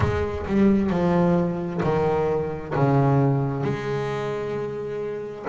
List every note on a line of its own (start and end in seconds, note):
0.00 0.45 G#3
0.46 0.90 G3
0.90 1.81 F3
1.83 2.74 D#3
2.75 3.63 C#3
3.63 5.45 G#3